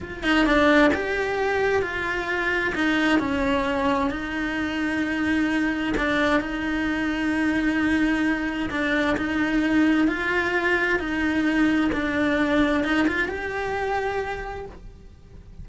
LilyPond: \new Staff \with { instrumentName = "cello" } { \time 4/4 \tempo 4 = 131 f'8 dis'8 d'4 g'2 | f'2 dis'4 cis'4~ | cis'4 dis'2.~ | dis'4 d'4 dis'2~ |
dis'2. d'4 | dis'2 f'2 | dis'2 d'2 | dis'8 f'8 g'2. | }